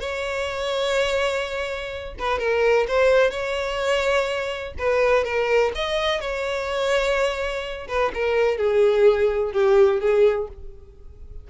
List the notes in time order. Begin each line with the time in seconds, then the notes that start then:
0.00 C#5
2.19 B4
2.39 A#4
2.88 C5
3.30 C#5
4.79 B4
5.24 A#4
5.75 D#5
6.21 C#5
7.88 B4
8.14 A#4
8.57 G#4
9.53 G4
10.00 G#4